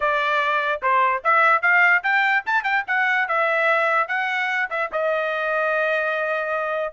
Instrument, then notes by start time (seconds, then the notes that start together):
trumpet
0.00 D5
0.82 C5
1.24 E5
1.62 F5
2.03 G5
2.46 A5
2.63 G5
2.87 F#5
3.28 E5
4.08 F#5
4.70 E5
4.91 D#5